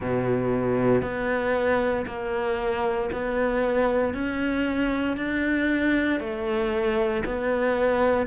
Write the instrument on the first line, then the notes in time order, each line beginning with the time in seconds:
cello
0.00 B2
1.02 B3
2.06 A#3
3.12 B3
4.14 C#4
5.16 D4
6.20 A3
7.25 B3